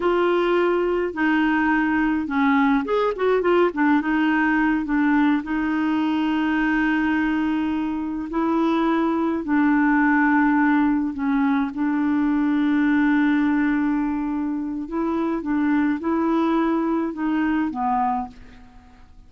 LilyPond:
\new Staff \with { instrumentName = "clarinet" } { \time 4/4 \tempo 4 = 105 f'2 dis'2 | cis'4 gis'8 fis'8 f'8 d'8 dis'4~ | dis'8 d'4 dis'2~ dis'8~ | dis'2~ dis'8 e'4.~ |
e'8 d'2. cis'8~ | cis'8 d'2.~ d'8~ | d'2 e'4 d'4 | e'2 dis'4 b4 | }